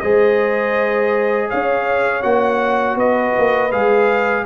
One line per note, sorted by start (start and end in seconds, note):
0.00 1.51 G#3
0.00 2.22 G#4
0.00 1.49 C5
0.00 1.48 D#5
1.49 2.24 C#4
1.49 2.96 C#5
1.49 2.23 F5
2.22 2.96 A#3
2.22 3.71 F#4
2.22 2.97 F#5
2.96 3.33 B3
2.96 4.44 B4
2.96 3.72 D#5
3.38 3.73 A#3
3.72 4.46 G#3
3.72 4.46 G#4
3.72 4.46 F5